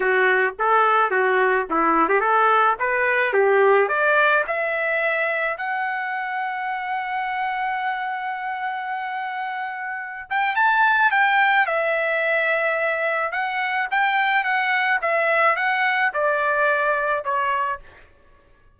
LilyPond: \new Staff \with { instrumentName = "trumpet" } { \time 4/4 \tempo 4 = 108 fis'4 a'4 fis'4 e'8. g'16 | a'4 b'4 g'4 d''4 | e''2 fis''2~ | fis''1~ |
fis''2~ fis''8 g''8 a''4 | g''4 e''2. | fis''4 g''4 fis''4 e''4 | fis''4 d''2 cis''4 | }